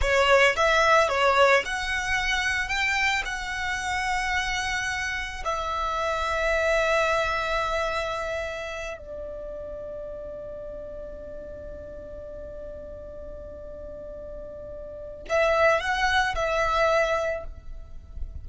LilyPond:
\new Staff \with { instrumentName = "violin" } { \time 4/4 \tempo 4 = 110 cis''4 e''4 cis''4 fis''4~ | fis''4 g''4 fis''2~ | fis''2 e''2~ | e''1~ |
e''8 d''2.~ d''8~ | d''1~ | d''1 | e''4 fis''4 e''2 | }